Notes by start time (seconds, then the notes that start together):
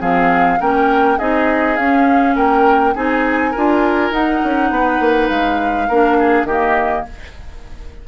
0.00 F3 C4 G#4 F5
0.60 A#3 C#4 A#4 G5
1.18 C4 D#4 G#4 D#5
1.76 C#4 F5
2.35 A#3 A#4 G5
2.95 C4 D#4 G#4 G#5
3.51 D4 F4 A#4
4.11 D#4 F#5
4.44 C#4
4.70 B3 B4
5.00 A#3
5.29 G#3 F5
5.88 A#3 D4 A#4
6.19 G#4
6.44 D#3 A#3 G4 D#5